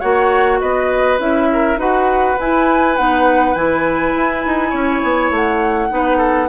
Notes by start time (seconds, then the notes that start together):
0.00 A#3 F#4 C#5 F#5
0.59 B3 B4 D#5
1.18 C#4 E4 E5
1.52 A#4
1.76 D#4 F#4 B4 F#5
2.39 E4 G#5
2.96 B3 D#4 F#5
3.54 E3 E4 G#5
4.16 E4
4.45 D#4
4.69 C#4 C#5
5.03 B3
5.30 A3 F#5
5.89 B3 D#4 B4
6.17 A4